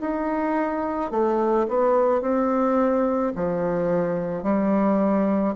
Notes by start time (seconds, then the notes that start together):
0.00 D#4
1.11 A3
1.68 B3
2.21 C4
3.35 F3
4.43 G3